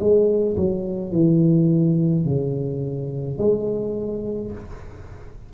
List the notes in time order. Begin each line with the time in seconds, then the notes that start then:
0.00 G#3
0.57 F#3
1.12 E3
2.25 C#3
3.39 G#3